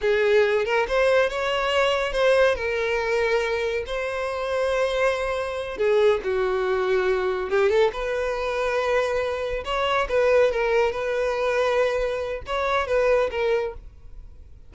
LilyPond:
\new Staff \with { instrumentName = "violin" } { \time 4/4 \tempo 4 = 140 gis'4. ais'8 c''4 cis''4~ | cis''4 c''4 ais'2~ | ais'4 c''2.~ | c''4. gis'4 fis'4.~ |
fis'4. g'8 a'8 b'4.~ | b'2~ b'8 cis''4 b'8~ | b'8 ais'4 b'2~ b'8~ | b'4 cis''4 b'4 ais'4 | }